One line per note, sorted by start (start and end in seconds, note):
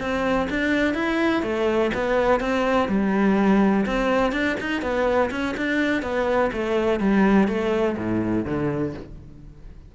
0.00 0.48 C4
0.50 0.94 D4
0.94 1.43 E4
1.43 1.91 A3
1.94 2.41 B3
2.41 2.89 C4
2.89 3.86 G3
3.86 4.33 C4
4.33 4.57 D4
4.60 4.82 D#4
4.82 5.30 B3
5.31 5.55 C#4
5.57 6.02 D4
6.02 6.51 B3
6.53 7.00 A3
7.00 7.48 G3
7.48 7.97 A3
7.98 8.46 A2
8.46 8.94 D3